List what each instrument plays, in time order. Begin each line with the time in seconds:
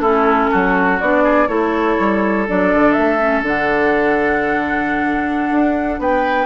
0.00 bassoon A3, clarinet C#4, oboe E4, flute A4
0.52 bassoon F#3, oboe F#4
0.99 bassoon B3, clarinet D4, flute D5
1.23 oboe G#4
1.48 bassoon A3, clarinet E4, oboe A4, flute C#5
1.99 bassoon G3
2.48 bassoon F#3, clarinet D4, flute D5
2.74 bassoon D3
2.92 bassoon A3, flute E5
3.20 clarinet C#4
3.42 bassoon D3, clarinet D4, flute F#5
5.51 bassoon D4
5.99 bassoon B3, oboe B4, flute G5